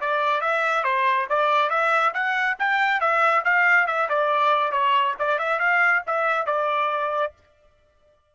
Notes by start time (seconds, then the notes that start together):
0.00 D5
0.40 E5
0.83 C5
1.29 D5
1.69 E5
2.13 F#5
2.59 G5
3.00 E5
3.44 F5
3.87 E5
4.08 D5
4.71 C#5
5.19 D5
5.38 E5
5.59 F5
6.06 E5
6.46 D5